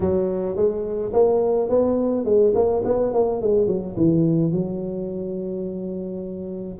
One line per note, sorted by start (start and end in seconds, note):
0.00 0.56 F#3
0.56 1.12 G#3
1.13 1.69 A#3
1.69 2.24 B3
2.24 2.53 G#3
2.54 2.83 A#3
2.85 3.13 B3
3.13 3.41 A#3
3.41 3.67 G#3
3.67 3.95 F#3
3.96 4.52 E3
4.52 6.78 F#3